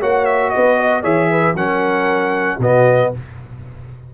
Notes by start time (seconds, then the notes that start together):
0.00 A#3 F#4 C#5 F#5
0.26 E5
0.51 B4 D#5
0.57 B3
0.78 D#5
1.03 E3 G#4 C#5 E5
1.31 B4
1.54 F#3 C#4 A#4 F#5
2.58 B2 B3 F#4 D#5